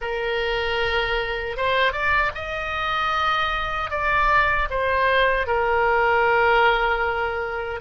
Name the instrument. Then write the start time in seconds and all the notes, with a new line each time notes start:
oboe
0.01 A#4
1.56 C5
1.92 D5
2.34 D#5
3.90 D5
4.70 C5
5.46 A#4